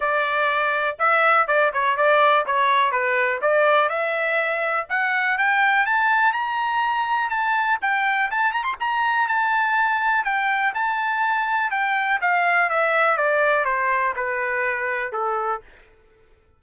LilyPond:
\new Staff \with { instrumentName = "trumpet" } { \time 4/4 \tempo 4 = 123 d''2 e''4 d''8 cis''8 | d''4 cis''4 b'4 d''4 | e''2 fis''4 g''4 | a''4 ais''2 a''4 |
g''4 a''8 ais''16 c'''16 ais''4 a''4~ | a''4 g''4 a''2 | g''4 f''4 e''4 d''4 | c''4 b'2 a'4 | }